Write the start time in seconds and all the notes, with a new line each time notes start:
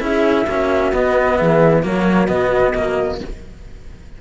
0.00 C#4 E4 G#4 E5
0.46 A#3 C#4 F#4
0.93 B3 D#5
1.38 E3 G#4 E5
1.82 F#3 A#3 F#4 C#5
2.28 B2 B3 D#5
2.75 A#3